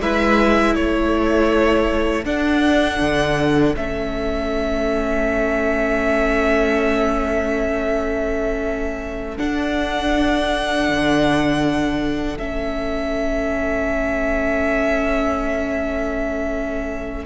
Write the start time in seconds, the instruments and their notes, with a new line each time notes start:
0.00 cello G#3, viola E4, violin B4 E5
0.73 cello A3, violin A4 C#5
2.25 viola D4, cello D4, violin F#5
3.00 cello D3
3.75 cello A3, viola C#4, violin E5
9.37 viola D4, cello D4, violin F#5
10.88 cello D3
12.38 cello A3, viola C#4, violin E5